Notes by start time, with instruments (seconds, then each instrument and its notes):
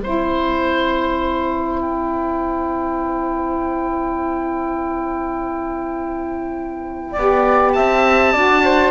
0.00 cello C4, saxophone E4, flute C5, oboe C5
1.80 oboe G5
7.12 saxophone G4, flute D5
7.18 cello B3
7.72 cello C4, flute E5, oboe A5
8.32 cello D4, saxophone F#4, flute D5
8.64 flute C5